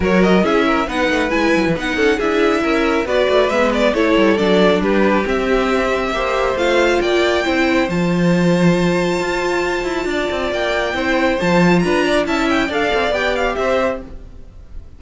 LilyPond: <<
  \new Staff \with { instrumentName = "violin" } { \time 4/4 \tempo 4 = 137 cis''8 dis''8 e''4 fis''4 gis''4 | fis''4 e''2 d''4 | e''8 d''8 cis''4 d''4 b'4 | e''2. f''4 |
g''2 a''2~ | a''1 | g''2 a''4 ais''4 | a''8 g''8 f''4 g''8 f''8 e''4 | }
  \new Staff \with { instrumentName = "violin" } { \time 4/4 ais'4 gis'8 ais'8 b'2~ | b'8 a'8 gis'4 ais'4 b'4~ | b'4 a'2 g'4~ | g'2 c''2 |
d''4 c''2.~ | c''2. d''4~ | d''4 c''2 b'8 d''8 | e''4 d''2 c''4 | }
  \new Staff \with { instrumentName = "viola" } { \time 4/4 fis'4 e'4 dis'4 e'4 | dis'4 e'2 fis'4 | b4 e'4 d'2 | c'2 g'4 f'4~ |
f'4 e'4 f'2~ | f'1~ | f'4 e'4 f'2 | e'4 a'4 g'2 | }
  \new Staff \with { instrumentName = "cello" } { \time 4/4 fis4 cis'4 b8 a8 gis8 fis16 e16 | b8 cis'8 d'4 cis'4 b8 a8 | gis4 a8 g8 fis4 g4 | c'2 ais4 a4 |
ais4 c'4 f2~ | f4 f'4. e'8 d'8 c'8 | ais4 c'4 f4 d'4 | cis'4 d'8 c'8 b4 c'4 | }
>>